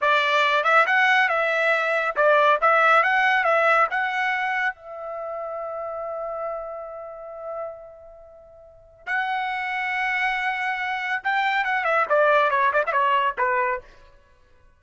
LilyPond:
\new Staff \with { instrumentName = "trumpet" } { \time 4/4 \tempo 4 = 139 d''4. e''8 fis''4 e''4~ | e''4 d''4 e''4 fis''4 | e''4 fis''2 e''4~ | e''1~ |
e''1~ | e''4 fis''2.~ | fis''2 g''4 fis''8 e''8 | d''4 cis''8 d''16 e''16 cis''4 b'4 | }